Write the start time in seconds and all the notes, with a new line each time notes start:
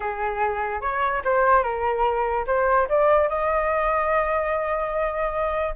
0.00 G#4
0.81 C#5
1.24 C5
1.63 A#4
2.46 C5
2.88 D5
3.29 D#5